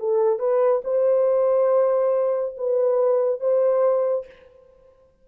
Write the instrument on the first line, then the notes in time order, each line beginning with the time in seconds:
horn
0.00 A4
0.39 B4
0.85 C5
2.58 B4
3.41 C5